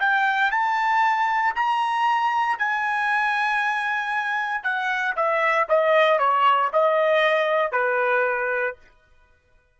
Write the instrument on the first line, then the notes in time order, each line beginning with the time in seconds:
trumpet
0.00 G5
0.51 A5
1.55 A#5
2.59 G#5
4.63 F#5
5.16 E5
5.69 D#5
6.19 C#5
6.73 D#5
7.72 B4